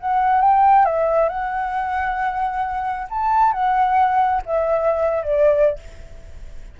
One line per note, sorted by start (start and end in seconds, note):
0.00 0.41 F#5
0.41 0.85 G5
0.85 1.29 E5
1.29 3.08 F#5
3.10 3.52 A5
3.52 4.42 F#5
4.46 5.23 E5
5.23 5.79 D5